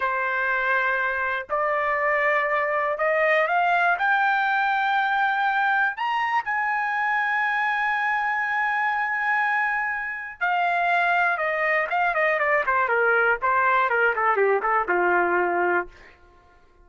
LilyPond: \new Staff \with { instrumentName = "trumpet" } { \time 4/4 \tempo 4 = 121 c''2. d''4~ | d''2 dis''4 f''4 | g''1 | ais''4 gis''2.~ |
gis''1~ | gis''4 f''2 dis''4 | f''8 dis''8 d''8 c''8 ais'4 c''4 | ais'8 a'8 g'8 a'8 f'2 | }